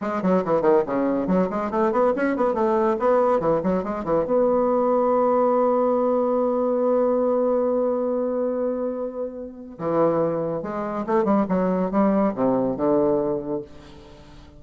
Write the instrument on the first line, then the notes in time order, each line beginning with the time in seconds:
bassoon
0.01 G#3
0.22 F#3
0.44 E3
0.61 D#3
0.86 C#3
1.27 F#3
1.50 G#3
1.70 A3
1.91 B3
2.15 C#4
2.36 B3
2.54 A3
2.99 B3
3.40 E3
3.63 F#3
3.83 G#3
4.04 E3
4.25 B3
9.78 E3
10.62 G#3
11.06 A3
11.24 G3
11.48 F#3
11.91 G3
12.34 C3
12.76 D3